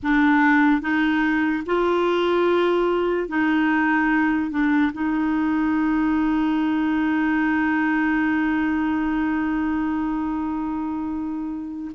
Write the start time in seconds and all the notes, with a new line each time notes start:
0.02 D4
0.81 D#4
1.66 F4
3.28 D#4
4.51 D4
4.92 D#4